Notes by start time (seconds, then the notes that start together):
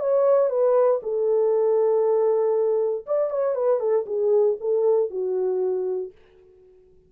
0.00 C#5
0.50 B4
1.03 A4
3.06 D5
3.30 C#5
3.55 B4
3.80 A4
4.06 G#4
4.60 A4
5.10 F#4